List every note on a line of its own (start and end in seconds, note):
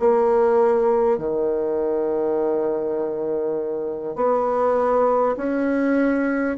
0.00 1.18 A#3
1.18 4.16 D#3
4.16 5.36 B3
5.37 6.57 C#4